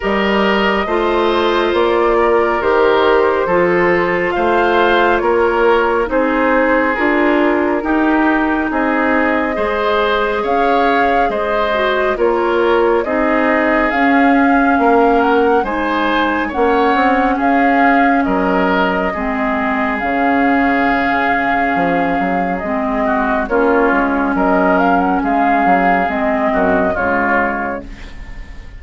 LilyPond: <<
  \new Staff \with { instrumentName = "flute" } { \time 4/4 \tempo 4 = 69 dis''2 d''4 c''4~ | c''4 f''4 cis''4 c''4 | ais'2 dis''2 | f''4 dis''4 cis''4 dis''4 |
f''4. fis''8 gis''4 fis''4 | f''4 dis''2 f''4~ | f''2 dis''4 cis''4 | dis''8 f''16 fis''16 f''4 dis''4 cis''4 | }
  \new Staff \with { instrumentName = "oboe" } { \time 4/4 ais'4 c''4. ais'4. | a'4 c''4 ais'4 gis'4~ | gis'4 g'4 gis'4 c''4 | cis''4 c''4 ais'4 gis'4~ |
gis'4 ais'4 c''4 cis''4 | gis'4 ais'4 gis'2~ | gis'2~ gis'8 fis'8 f'4 | ais'4 gis'4. fis'8 f'4 | }
  \new Staff \with { instrumentName = "clarinet" } { \time 4/4 g'4 f'2 g'4 | f'2. dis'4 | f'4 dis'2 gis'4~ | gis'4. fis'8 f'4 dis'4 |
cis'2 dis'4 cis'4~ | cis'2 c'4 cis'4~ | cis'2 c'4 cis'4~ | cis'2 c'4 gis4 | }
  \new Staff \with { instrumentName = "bassoon" } { \time 4/4 g4 a4 ais4 dis4 | f4 a4 ais4 c'4 | d'4 dis'4 c'4 gis4 | cis'4 gis4 ais4 c'4 |
cis'4 ais4 gis4 ais8 c'8 | cis'4 fis4 gis4 cis4~ | cis4 f8 fis8 gis4 ais8 gis8 | fis4 gis8 fis8 gis8 fis,8 cis4 | }
>>